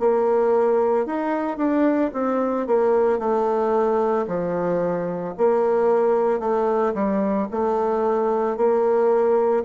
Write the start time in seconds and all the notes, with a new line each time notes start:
0.00 A#3
1.07 D#4
1.58 D4
2.14 C4
2.67 A#3
3.19 A3
4.28 F3
5.38 A#3
6.40 A3
6.94 G3
7.51 A3
8.57 A#3